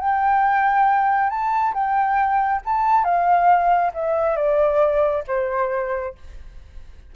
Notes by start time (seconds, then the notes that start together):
0.00 G5
1.30 A5
1.74 G5
2.65 A5
3.04 F5
3.94 E5
4.36 D5
5.28 C5